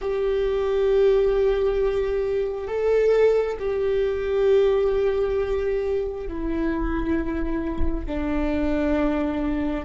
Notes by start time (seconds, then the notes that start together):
0.01 G4
2.67 A4
3.59 G4
6.27 E4
8.06 D4